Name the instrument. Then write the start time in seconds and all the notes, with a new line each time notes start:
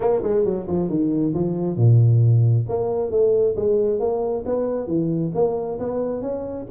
tuba
0.00 A#3
0.23 G#3
0.44 F#3
0.67 F3
0.89 D#3
1.33 F3
1.77 A#2
2.68 A#3
3.10 A3
3.56 G#3
3.99 A#3
4.45 B3
4.87 E3
5.34 A#3
5.79 B3
6.21 C#4